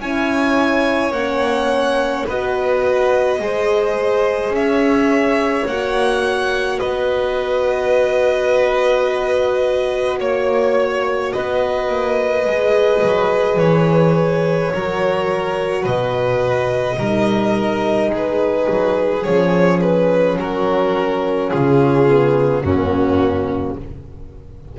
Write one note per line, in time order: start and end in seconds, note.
0.00 1.11 C#4
0.00 1.13 E4
0.00 2.26 C#5
0.00 1.13 G#5
1.11 2.25 A#3
1.11 2.30 C#4
1.11 2.26 F#5
2.26 3.40 B3
2.26 3.41 F#4
2.26 3.39 B4
2.26 4.55 D#5
3.40 4.50 G#3
3.40 5.67 G#4
3.40 4.56 C5
4.50 5.63 C#4
4.50 5.67 E5
4.57 6.80 C#5
5.67 6.80 A#3
5.67 12.47 F#4
5.67 6.80 F#5
6.80 10.20 B3
6.80 10.19 B4
6.80 10.19 D#5
10.20 11.33 A#3
10.20 11.33 C#5
11.33 11.89 B3
11.33 14.73 B4
11.33 13.59 D#5
11.89 12.46 A#3
12.46 13.02 G#3
12.46 14.73 G#4
13.03 13.57 F#3
13.57 14.70 E3
13.57 15.85 C#5
14.74 15.85 F#3
14.74 16.99 F#4
14.74 15.82 A#4
15.82 16.98 B2
15.82 16.96 B4
15.82 18.12 D#5
16.99 18.10 G3
16.99 19.25 D#4
16.99 18.12 A#4
18.10 18.67 G#3
18.10 20.39 G#4
18.16 19.24 B4
18.69 19.26 F#3
19.24 20.38 F3
19.24 22.08 C#4
19.24 19.80 C#5
19.82 20.38 B4
20.38 21.51 F#3
20.38 21.51 F#4
20.38 21.50 A#4
21.50 22.63 C#3
21.50 22.64 F4
21.50 22.64 G#4
22.08 22.65 B3
22.63 23.76 F#2
22.63 23.79 A#3
22.63 23.77 C#4
22.63 23.78 F#4